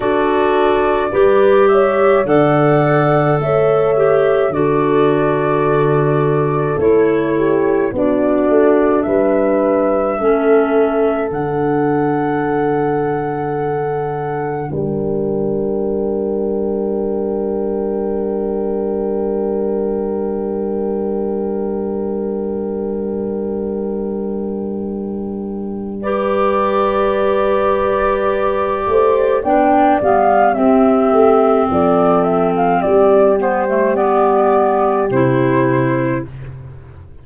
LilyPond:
<<
  \new Staff \with { instrumentName = "flute" } { \time 4/4 \tempo 4 = 53 d''4. e''8 fis''4 e''4 | d''2 cis''4 d''4 | e''2 fis''2~ | fis''4 g''2.~ |
g''1~ | g''2. d''4~ | d''2 g''8 f''8 e''4 | d''8 e''16 f''16 d''8 c''8 d''4 c''4 | }
  \new Staff \with { instrumentName = "horn" } { \time 4/4 a'4 b'8 cis''8 d''4 cis''4 | a'2~ a'8 g'8 fis'4 | b'4 a'2.~ | a'4 ais'2.~ |
ais'1~ | ais'2. b'4~ | b'4. c''8 d''4 g'4 | a'4 g'2. | }
  \new Staff \with { instrumentName = "clarinet" } { \time 4/4 fis'4 g'4 a'4. g'8 | fis'2 e'4 d'4~ | d'4 cis'4 d'2~ | d'1~ |
d'1~ | d'2. g'4~ | g'2 d'8 b8 c'4~ | c'4. b16 a16 b4 e'4 | }
  \new Staff \with { instrumentName = "tuba" } { \time 4/4 d'4 g4 d4 a4 | d2 a4 b8 a8 | g4 a4 d2~ | d4 g2.~ |
g1~ | g1~ | g4. a8 b8 g8 c'8 a8 | f4 g2 c4 | }
>>